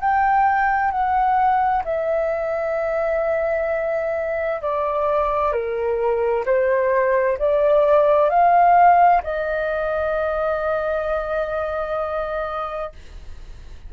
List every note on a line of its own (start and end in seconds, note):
0.00 0.91 G5
0.91 1.83 F#5
1.85 4.62 E5
4.62 5.52 D5
5.52 6.44 A#4
6.46 7.38 C5
7.38 8.30 D5
8.30 9.22 F5
9.23 12.92 D#5